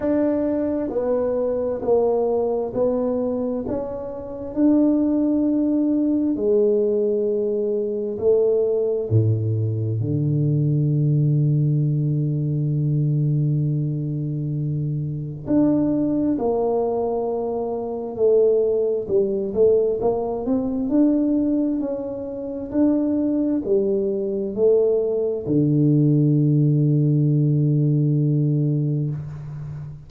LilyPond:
\new Staff \with { instrumentName = "tuba" } { \time 4/4 \tempo 4 = 66 d'4 b4 ais4 b4 | cis'4 d'2 gis4~ | gis4 a4 a,4 d4~ | d1~ |
d4 d'4 ais2 | a4 g8 a8 ais8 c'8 d'4 | cis'4 d'4 g4 a4 | d1 | }